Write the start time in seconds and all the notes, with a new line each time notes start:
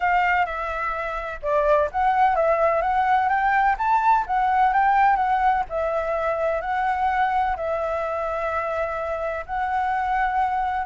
0.00 F5
0.45 E5
1.42 D5
1.91 F#5
2.35 E5
2.81 F#5
3.28 G5
3.78 A5
4.26 F#5
4.73 G5
5.16 F#5
5.69 E5
6.61 F#5
7.56 E5
9.46 F#5